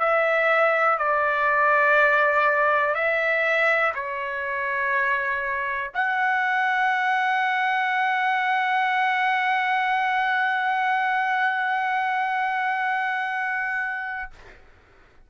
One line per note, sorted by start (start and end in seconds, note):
0.00 0.98 E5
0.98 2.95 D5
2.95 3.93 E5
3.95 5.92 C#5
5.94 14.30 F#5